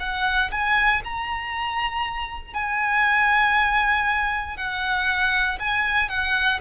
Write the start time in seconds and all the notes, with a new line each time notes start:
0.00 F#5
0.52 G#5
1.04 A#5
2.54 G#5
4.57 F#5
5.60 G#5
6.09 F#5